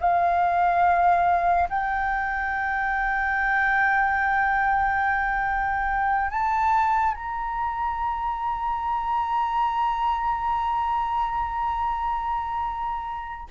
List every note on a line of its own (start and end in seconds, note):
0.00 1.69 F5
1.70 6.31 G5
6.31 7.14 A5
7.14 13.48 A#5